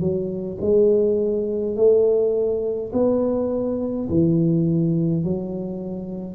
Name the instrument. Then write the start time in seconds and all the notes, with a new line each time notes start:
tuba
0.00 F#3
0.61 G#3
1.76 A3
2.93 B3
4.09 E3
5.24 F#3